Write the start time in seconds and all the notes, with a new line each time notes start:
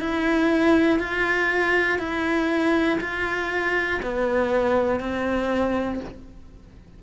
0.00 E4
0.99 F4
1.98 E4
3.00 F4
4.02 B3
5.00 C4